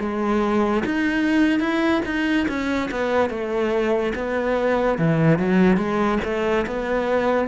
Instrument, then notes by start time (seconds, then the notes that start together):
cello
0.00 G#3
0.86 D#4
1.60 E4
2.05 D#4
2.48 C#4
2.91 B3
3.30 A3
4.15 B3
4.98 E3
5.39 F#3
5.77 G#3
6.24 A3
6.67 B3